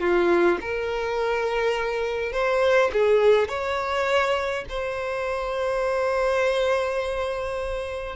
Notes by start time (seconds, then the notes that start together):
0.00 F4
0.61 A#4
2.33 C5
2.93 G#4
3.49 C#5
4.70 C5